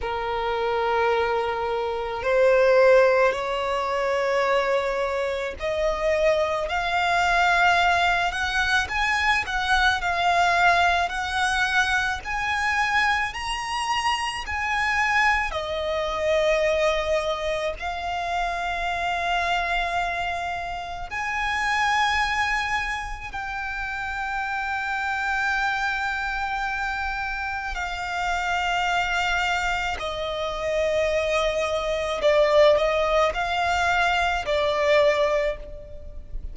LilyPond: \new Staff \with { instrumentName = "violin" } { \time 4/4 \tempo 4 = 54 ais'2 c''4 cis''4~ | cis''4 dis''4 f''4. fis''8 | gis''8 fis''8 f''4 fis''4 gis''4 | ais''4 gis''4 dis''2 |
f''2. gis''4~ | gis''4 g''2.~ | g''4 f''2 dis''4~ | dis''4 d''8 dis''8 f''4 d''4 | }